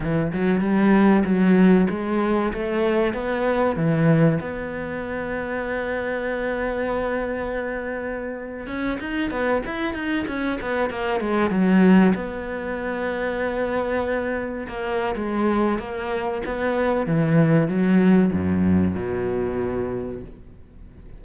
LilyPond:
\new Staff \with { instrumentName = "cello" } { \time 4/4 \tempo 4 = 95 e8 fis8 g4 fis4 gis4 | a4 b4 e4 b4~ | b1~ | b4.~ b16 cis'8 dis'8 b8 e'8 dis'16~ |
dis'16 cis'8 b8 ais8 gis8 fis4 b8.~ | b2.~ b16 ais8. | gis4 ais4 b4 e4 | fis4 fis,4 b,2 | }